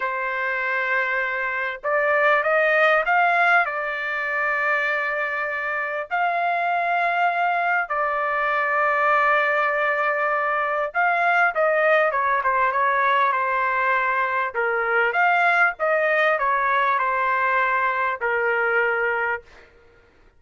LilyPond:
\new Staff \with { instrumentName = "trumpet" } { \time 4/4 \tempo 4 = 99 c''2. d''4 | dis''4 f''4 d''2~ | d''2 f''2~ | f''4 d''2.~ |
d''2 f''4 dis''4 | cis''8 c''8 cis''4 c''2 | ais'4 f''4 dis''4 cis''4 | c''2 ais'2 | }